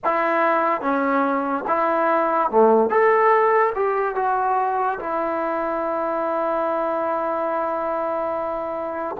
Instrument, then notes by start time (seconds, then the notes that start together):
trombone
0.04 E4
0.81 C#4
1.67 E4
2.50 A3
2.89 A4
3.75 G4
4.15 F#4
4.99 E4